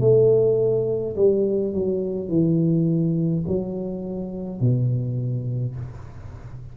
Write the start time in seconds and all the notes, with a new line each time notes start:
0.00 A3
1.16 G3
1.74 F#3
2.29 E3
3.48 F#3
4.60 B2